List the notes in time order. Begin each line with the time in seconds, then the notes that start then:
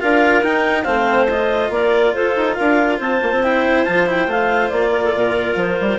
0.00 D4 F4 A#4 F5
0.43 D#4 G5
0.82 A3 C4 C5 F5
1.30 F4 D#5
1.69 A#3 A#4 D5
2.14 F4 A4 C5
2.36 D#4
2.53 A#4 F5
2.60 D4
2.98 C4 C5 A5
3.22 A#3
3.31 C4
3.43 E4 G5
3.84 F3 F4 A5
4.06 E4 G5
4.27 A3 F4 F5
4.69 A#3 D5
4.92 A#4
5.04 A4
5.14 A#2 A#4
5.56 F3 C5
5.81 G3